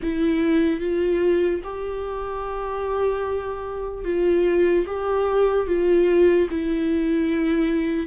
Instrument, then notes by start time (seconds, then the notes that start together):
viola
0.02 E4
0.80 F4
1.63 G4
4.04 F4
4.86 G4
5.66 F4
6.50 E4